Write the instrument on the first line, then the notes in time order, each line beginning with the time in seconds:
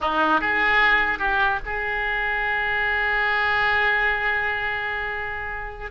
oboe
0.01 D#4
0.40 G#4
1.18 G4
1.65 G#4